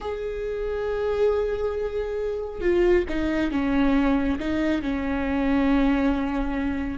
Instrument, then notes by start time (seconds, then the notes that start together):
viola
0.00 G#4
2.60 F4
3.08 D#4
3.51 C#4
4.39 D#4
4.82 C#4